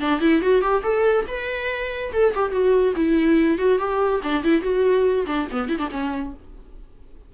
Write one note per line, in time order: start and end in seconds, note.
0.00 0.21 D4
0.21 0.42 E4
0.42 0.62 F#4
0.62 0.83 G4
0.83 1.26 A4
1.28 2.12 B4
2.13 2.34 A4
2.35 2.52 G4
2.52 2.94 F#4
2.96 3.58 E4
3.58 3.79 F#4
3.79 4.21 G4
4.23 4.44 D4
4.44 4.62 E4
4.62 5.26 F#4
5.27 5.48 D4
5.52 5.69 B3
5.69 5.79 E4
5.79 5.89 D4
5.91 6.34 C#4